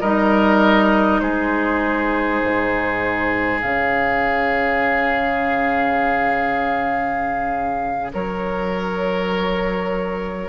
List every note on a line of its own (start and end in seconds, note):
0.00 1.21 G3
0.00 3.62 D#4
0.00 1.20 A#4
0.00 1.20 D#5
1.20 2.41 G#3
1.20 8.12 G#4
1.20 3.60 C5
2.43 3.62 G#2
3.61 8.13 C#3
3.61 10.48 C#4
3.61 8.11 F5
8.12 10.48 F#3
8.12 10.48 A#4
8.12 10.48 C#5